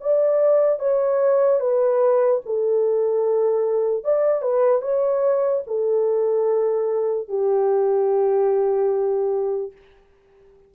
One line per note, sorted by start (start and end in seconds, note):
0.00 0.79 D5
0.79 1.60 C#5
1.60 2.41 B4
2.45 4.04 A4
4.04 4.42 D5
4.42 4.81 B4
4.81 5.62 C#5
5.66 7.28 A4
7.28 9.71 G4